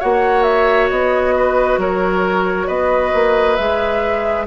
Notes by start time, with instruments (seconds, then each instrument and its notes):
0.00 bassoon A#3, clarinet F#4, oboe C#5, flute F#5
0.43 flute E5
0.89 bassoon B3, flute D#5
1.36 oboe B4
1.77 bassoon F#3, oboe A#4, flute C#5
2.67 bassoon B3, oboe B4, flute D#5
3.14 bassoon A#3
3.56 bassoon G#3, clarinet G#4, flute E5